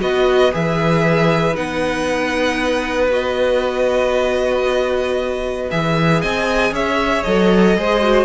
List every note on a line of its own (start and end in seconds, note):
0.00 0.54 B3
0.00 0.52 F#4
0.00 6.22 B4
0.00 0.54 D#5
0.52 1.57 E3
0.52 1.55 G#4
0.52 1.56 E5
1.55 5.70 B3
1.55 3.10 D#4
1.55 3.12 F#5
3.11 5.69 F#4
3.11 5.71 D#5
5.71 6.24 E3
5.71 7.26 G#4
5.71 6.22 E5
6.22 6.72 C4
6.22 6.74 D#5
6.22 6.74 G#5
6.72 7.24 C#4
6.72 7.78 C#5
6.72 7.24 E5
7.24 7.78 F#3
7.24 7.78 A4
7.24 8.26 D#5
7.78 8.26 G#3
7.78 8.03 G#4
7.78 8.26 C5
8.03 8.26 F#4